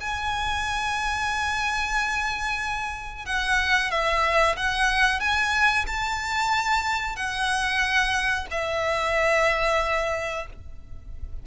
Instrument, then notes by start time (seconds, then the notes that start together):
violin
0.00 G#5
3.25 F#5
3.91 E5
4.56 F#5
5.20 G#5
5.87 A5
7.16 F#5
8.50 E5